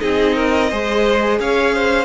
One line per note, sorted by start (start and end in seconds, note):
0.00 0.71 C4
0.00 0.69 D#4
0.00 0.35 G#4
0.00 1.38 D#5
0.35 0.69 A#4
0.69 1.39 G#3
0.69 2.04 G#4
0.69 1.38 C5
1.39 2.04 C#4
1.39 1.74 C#5
1.39 2.04 F5
1.74 2.04 C5